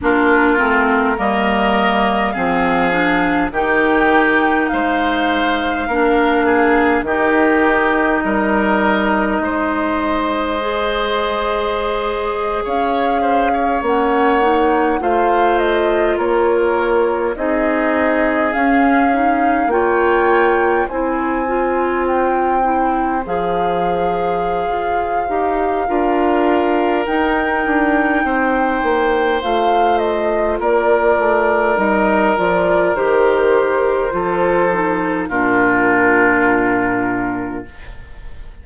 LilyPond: <<
  \new Staff \with { instrumentName = "flute" } { \time 4/4 \tempo 4 = 51 ais'4 dis''4 f''4 g''4 | f''2 dis''2~ | dis''2~ dis''8. f''4 fis''16~ | fis''8. f''8 dis''8 cis''4 dis''4 f''16~ |
f''8. g''4 gis''4 g''4 f''16~ | f''2. g''4~ | g''4 f''8 dis''8 d''4 dis''8 d''8 | c''2 ais'2 | }
  \new Staff \with { instrumentName = "oboe" } { \time 4/4 f'4 ais'4 gis'4 g'4 | c''4 ais'8 gis'8 g'4 ais'4 | c''2~ c''8. cis''8 c''16 cis''8~ | cis''8. c''4 ais'4 gis'4~ gis'16~ |
gis'8. cis''4 c''2~ c''16~ | c''2 ais'2 | c''2 ais'2~ | ais'4 a'4 f'2 | }
  \new Staff \with { instrumentName = "clarinet" } { \time 4/4 d'8 c'8 ais4 c'8 d'8 dis'4~ | dis'4 d'4 dis'2~ | dis'4 gis'2~ gis'8. cis'16~ | cis'16 dis'8 f'2 dis'4 cis'16~ |
cis'16 dis'8 f'4 e'8 f'4 e'8 gis'16~ | gis'4. g'8 f'4 dis'4~ | dis'4 f'2 dis'8 f'8 | g'4 f'8 dis'8 d'2 | }
  \new Staff \with { instrumentName = "bassoon" } { \time 4/4 ais8 a8 g4 f4 dis4 | gis4 ais4 dis4 g4 | gis2~ gis8. cis'4 ais16~ | ais8. a4 ais4 c'4 cis'16~ |
cis'8. ais4 c'2 f16~ | f4 f'8 dis'8 d'4 dis'8 d'8 | c'8 ais8 a4 ais8 a8 g8 f8 | dis4 f4 ais,2 | }
>>